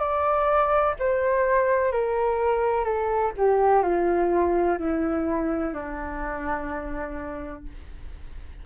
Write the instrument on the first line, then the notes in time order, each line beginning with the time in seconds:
flute
0.00 D5
1.00 C5
1.93 A#4
2.85 A4
3.38 G4
3.84 F4
4.79 E4
5.74 D4